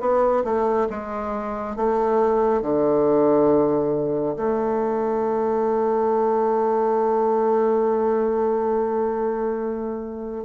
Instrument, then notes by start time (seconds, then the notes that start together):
bassoon
0.00 B3
0.44 A3
0.90 G#3
1.76 A3
2.62 D3
4.36 A3